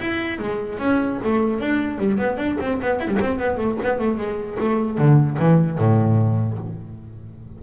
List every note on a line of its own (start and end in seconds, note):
0.00 0.39 E4
0.39 0.78 G#3
0.78 1.18 C#4
1.24 1.60 A3
1.60 1.98 D4
1.98 2.18 G3
2.18 2.37 B3
2.37 2.57 D4
2.60 2.80 C4
2.82 3.00 B3
3.00 3.08 E4
3.08 3.18 G3
3.21 3.39 C4
3.39 3.57 B3
3.57 3.77 A3
3.83 3.98 B3
3.98 4.17 A3
4.17 4.57 G#3
4.59 4.98 A3
4.98 5.38 D3
5.39 5.78 E3
5.78 6.58 A2